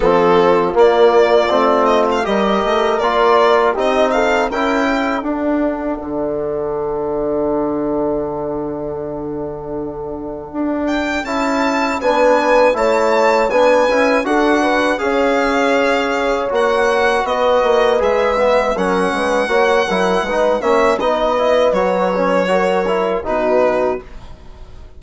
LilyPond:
<<
  \new Staff \with { instrumentName = "violin" } { \time 4/4 \tempo 4 = 80 a'4 d''4. dis''16 f''16 dis''4 | d''4 dis''8 f''8 g''4 fis''4~ | fis''1~ | fis''2~ fis''8 g''8 a''4 |
gis''4 a''4 gis''4 fis''4 | f''2 fis''4 dis''4 | e''4 fis''2~ fis''8 e''8 | dis''4 cis''2 b'4 | }
  \new Staff \with { instrumentName = "horn" } { \time 4/4 f'2. ais'4~ | ais'4 g'8 a'8 ais'8 a'4.~ | a'1~ | a'1 |
b'4 cis''4 b'4 a'8 b'8 | cis''2. b'4~ | b'4 ais'8 b'8 cis''8 ais'8 b'8 cis''8 | b'2 ais'4 fis'4 | }
  \new Staff \with { instrumentName = "trombone" } { \time 4/4 c'4 ais4 c'4 g'4 | f'4 dis'4 e'4 d'4~ | d'1~ | d'2. e'4 |
d'4 e'4 d'8 e'8 fis'4 | gis'2 fis'2 | gis'8 b8 cis'4 fis'8 e'8 dis'8 cis'8 | dis'8 e'8 fis'8 cis'8 fis'8 e'8 dis'4 | }
  \new Staff \with { instrumentName = "bassoon" } { \time 4/4 f4 ais4 a4 g8 a8 | ais4 c'4 cis'4 d'4 | d1~ | d2 d'4 cis'4 |
b4 a4 b8 cis'8 d'4 | cis'2 ais4 b8 ais8 | gis4 fis8 gis8 ais8 fis8 gis8 ais8 | b4 fis2 b,4 | }
>>